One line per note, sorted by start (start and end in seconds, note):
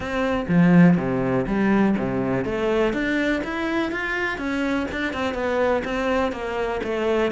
0.00 0.46 C4
0.48 0.97 F3
0.97 1.46 C3
1.46 1.95 G3
1.98 2.44 C3
2.44 2.93 A3
2.93 3.41 D4
3.44 3.91 E4
3.91 4.38 F4
4.38 4.86 C#4
4.91 5.13 D4
5.13 5.33 C4
5.33 5.82 B3
5.84 6.31 C4
6.31 6.80 A#3
6.83 7.31 A3